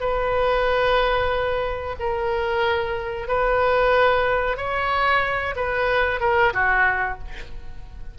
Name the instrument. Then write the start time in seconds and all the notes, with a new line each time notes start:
oboe
0.00 B4
1.99 A#4
3.28 B4
4.57 C#5
5.56 B4
6.20 A#4
6.53 F#4